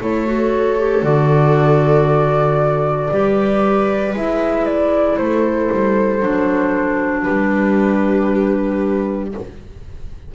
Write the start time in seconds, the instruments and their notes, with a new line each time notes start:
0.00 double bass A3, clarinet E4, viola A4, flute C#5
0.26 clarinet F#4
0.78 clarinet G4
1.03 double bass D3, clarinet F#4, flute D5
3.11 double bass G3, clarinet G4, viola B4
4.14 double bass G#3, clarinet E4, flute E5
4.66 flute D5
5.17 double bass A3, viola A4, flute C5
5.72 double bass G3
6.20 double bass F#3, clarinet D4
7.23 double bass G3, viola G4, flute B4